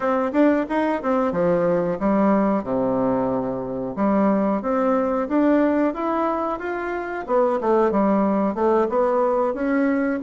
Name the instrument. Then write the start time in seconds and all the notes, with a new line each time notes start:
bassoon
0.00 C4
0.32 D4
0.69 D#4
1.02 C4
1.32 F3
1.99 G3
2.63 C3
3.96 G3
4.62 C4
5.28 D4
5.94 E4
6.59 F4
7.26 B3
7.60 A3
7.91 G3
8.54 A3
8.89 B3
9.53 C#4